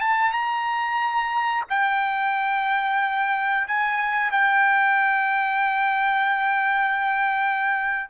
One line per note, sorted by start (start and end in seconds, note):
0.00 0.32 A5
0.32 1.64 A#5
1.69 3.67 G5
3.67 4.31 G#5
4.31 8.10 G5